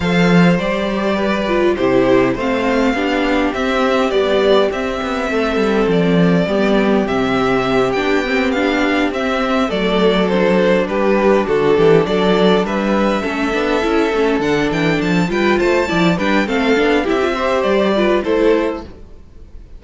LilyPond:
<<
  \new Staff \with { instrumentName = "violin" } { \time 4/4 \tempo 4 = 102 f''4 d''2 c''4 | f''2 e''4 d''4 | e''2 d''2 | e''4. g''4 f''4 e''8~ |
e''8 d''4 c''4 b'4 a'8~ | a'8 d''4 e''2~ e''8~ | e''8 fis''8 g''8 a''8 g''8 a''4 g''8 | f''4 e''4 d''4 c''4 | }
  \new Staff \with { instrumentName = "violin" } { \time 4/4 c''2 b'4 g'4 | c''4 g'2.~ | g'4 a'2 g'4~ | g'1~ |
g'8 a'2 g'4 fis'8 | g'8 a'4 b'4 a'4.~ | a'2 b'8 c''8 d''8 b'8 | a'4 g'8 c''4 b'8 a'4 | }
  \new Staff \with { instrumentName = "viola" } { \time 4/4 a'4 g'4. f'8 e'4 | c'4 d'4 c'4 g4 | c'2. b4 | c'4. d'8 c'8 d'4 c'8~ |
c'8 a4 d'2~ d'8~ | d'2~ d'8 cis'8 d'8 e'8 | cis'8 d'4. f'4 e'8 d'8 | c'8 d'8 e'16 f'16 g'4 f'8 e'4 | }
  \new Staff \with { instrumentName = "cello" } { \time 4/4 f4 g2 c4 | a4 b4 c'4 b4 | c'8 b8 a8 g8 f4 g4 | c4. b2 c'8~ |
c'8 fis2 g4 d8 | e8 fis4 g4 a8 b8 cis'8 | a8 d8 e8 f8 g8 a8 f8 g8 | a8 b8 c'4 g4 a4 | }
>>